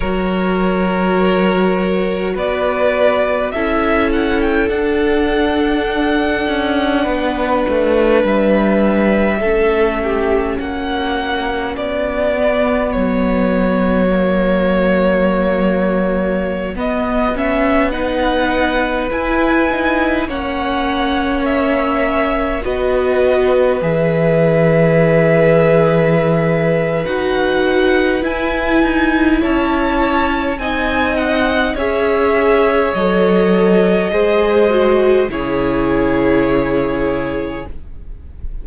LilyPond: <<
  \new Staff \with { instrumentName = "violin" } { \time 4/4 \tempo 4 = 51 cis''2 d''4 e''8 fis''16 g''16 | fis''2. e''4~ | e''4 fis''4 d''4 cis''4~ | cis''2~ cis''16 dis''8 e''8 fis''8.~ |
fis''16 gis''4 fis''4 e''4 dis''8.~ | dis''16 e''2~ e''8. fis''4 | gis''4 a''4 gis''8 fis''8 e''4 | dis''2 cis''2 | }
  \new Staff \with { instrumentName = "violin" } { \time 4/4 ais'2 b'4 a'4~ | a'2 b'2 | a'8 g'8 fis'2.~ | fis'2.~ fis'16 b'8.~ |
b'4~ b'16 cis''2 b'8.~ | b'1~ | b'4 cis''4 dis''4 cis''4~ | cis''4 c''4 gis'2 | }
  \new Staff \with { instrumentName = "viola" } { \time 4/4 fis'2. e'4 | d'1 | cis'2~ cis'8 b4. | ais2~ ais16 b8 cis'8 dis'8.~ |
dis'16 e'8 dis'8 cis'2 fis'8.~ | fis'16 gis'2~ gis'8. fis'4 | e'2 dis'4 gis'4 | a'4 gis'8 fis'8 e'2 | }
  \new Staff \with { instrumentName = "cello" } { \time 4/4 fis2 b4 cis'4 | d'4. cis'8 b8 a8 g4 | a4 ais4 b4 fis4~ | fis2~ fis16 b4.~ b16~ |
b16 e'4 ais2 b8.~ | b16 e2~ e8. dis'4 | e'8 dis'8 cis'4 c'4 cis'4 | fis4 gis4 cis2 | }
>>